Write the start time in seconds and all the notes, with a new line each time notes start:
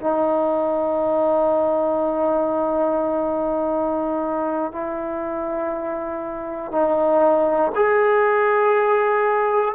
0.00 D#4
4.72 E4
6.71 D#4
7.75 G#4